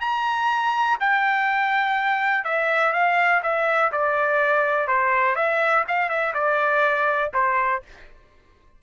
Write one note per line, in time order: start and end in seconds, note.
0.00 0.98 A#5
1.00 2.44 G5
2.44 2.92 E5
2.92 3.41 F5
3.43 3.91 E5
3.92 4.87 D5
4.87 5.35 C5
5.35 5.84 E5
5.88 6.09 F5
6.09 6.33 E5
6.34 7.31 D5
7.33 7.82 C5